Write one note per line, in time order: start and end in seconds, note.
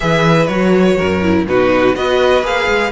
0.00 0.48 E3
0.00 0.48 G#4
0.00 0.97 B4
0.00 0.47 E5
0.47 0.97 F#3
0.47 1.22 F#4
0.47 1.44 C#5
0.97 1.46 F#2
0.97 1.45 A#4
1.22 1.46 E4
1.46 1.94 B2
1.46 1.95 D#4
1.46 1.95 F#4
1.46 1.95 B4
1.94 2.42 B3
1.94 2.43 F#4
1.94 2.91 B4
1.94 2.44 D#5
2.42 2.67 A#3
2.42 2.91 G#4
2.42 2.91 F5
2.68 2.91 G#3